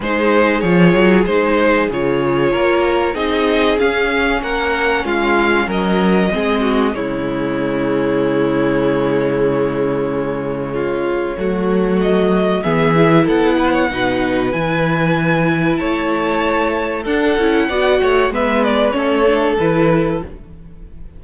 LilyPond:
<<
  \new Staff \with { instrumentName = "violin" } { \time 4/4 \tempo 4 = 95 c''4 cis''4 c''4 cis''4~ | cis''4 dis''4 f''4 fis''4 | f''4 dis''2 cis''4~ | cis''1~ |
cis''2. dis''4 | e''4 fis''2 gis''4~ | gis''4 a''2 fis''4~ | fis''4 e''8 d''8 cis''4 b'4 | }
  \new Staff \with { instrumentName = "violin" } { \time 4/4 gis'1 | ais'4 gis'2 ais'4 | f'4 ais'4 gis'8 fis'8 e'4~ | e'1~ |
e'4 f'4 fis'2 | gis'4 a'8 b'16 cis''16 b'2~ | b'4 cis''2 a'4 | d''8 cis''8 b'4 a'2 | }
  \new Staff \with { instrumentName = "viola" } { \time 4/4 dis'4 f'4 dis'4 f'4~ | f'4 dis'4 cis'2~ | cis'2 c'4 gis4~ | gis1~ |
gis2 a2 | b8 e'4. dis'4 e'4~ | e'2. d'8 e'8 | fis'4 b4 cis'8 d'8 e'4 | }
  \new Staff \with { instrumentName = "cello" } { \time 4/4 gis4 f8 fis8 gis4 cis4 | ais4 c'4 cis'4 ais4 | gis4 fis4 gis4 cis4~ | cis1~ |
cis2 fis2 | e4 b4 b,4 e4~ | e4 a2 d'8 cis'8 | b8 a8 gis4 a4 e4 | }
>>